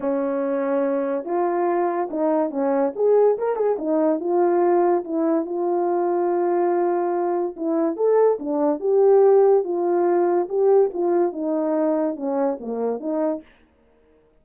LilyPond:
\new Staff \with { instrumentName = "horn" } { \time 4/4 \tempo 4 = 143 cis'2. f'4~ | f'4 dis'4 cis'4 gis'4 | ais'8 gis'8 dis'4 f'2 | e'4 f'2.~ |
f'2 e'4 a'4 | d'4 g'2 f'4~ | f'4 g'4 f'4 dis'4~ | dis'4 cis'4 ais4 dis'4 | }